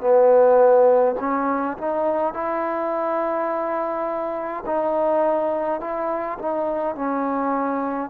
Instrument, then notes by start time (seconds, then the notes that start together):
trombone
0.00 B3
1.19 C#4
1.77 D#4
2.33 E4
4.66 D#4
5.80 E4
6.38 D#4
6.95 C#4